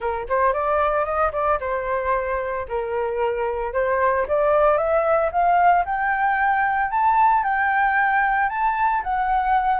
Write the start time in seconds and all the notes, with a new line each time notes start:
0.00 A#4
0.28 C5
0.53 D5
1.05 D#5
1.32 D5
1.60 C5
2.68 A#4
3.73 C5
4.27 D5
4.77 E5
5.31 F5
5.85 G5
6.90 A5
7.43 G5
8.49 A5
9.03 F#5